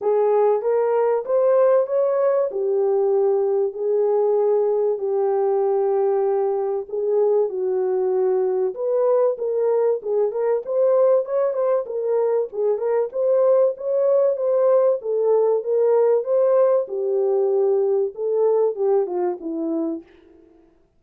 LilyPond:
\new Staff \with { instrumentName = "horn" } { \time 4/4 \tempo 4 = 96 gis'4 ais'4 c''4 cis''4 | g'2 gis'2 | g'2. gis'4 | fis'2 b'4 ais'4 |
gis'8 ais'8 c''4 cis''8 c''8 ais'4 | gis'8 ais'8 c''4 cis''4 c''4 | a'4 ais'4 c''4 g'4~ | g'4 a'4 g'8 f'8 e'4 | }